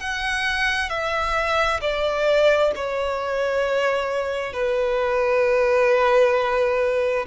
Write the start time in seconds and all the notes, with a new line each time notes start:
0.00 F#5
0.90 E5
1.81 D5
2.76 C#5
4.53 B4